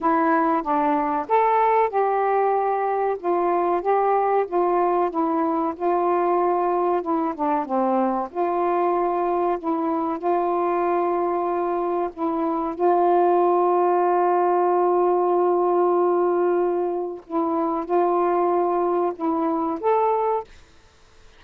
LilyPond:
\new Staff \with { instrumentName = "saxophone" } { \time 4/4 \tempo 4 = 94 e'4 d'4 a'4 g'4~ | g'4 f'4 g'4 f'4 | e'4 f'2 e'8 d'8 | c'4 f'2 e'4 |
f'2. e'4 | f'1~ | f'2. e'4 | f'2 e'4 a'4 | }